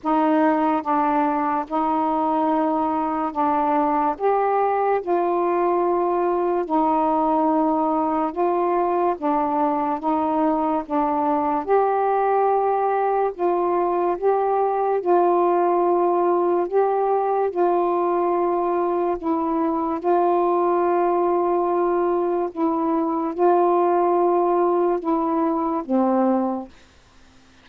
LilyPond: \new Staff \with { instrumentName = "saxophone" } { \time 4/4 \tempo 4 = 72 dis'4 d'4 dis'2 | d'4 g'4 f'2 | dis'2 f'4 d'4 | dis'4 d'4 g'2 |
f'4 g'4 f'2 | g'4 f'2 e'4 | f'2. e'4 | f'2 e'4 c'4 | }